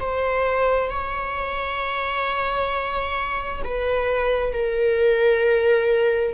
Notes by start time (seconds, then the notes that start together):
0.00 C5
0.90 C#5
3.64 B4
4.53 A#4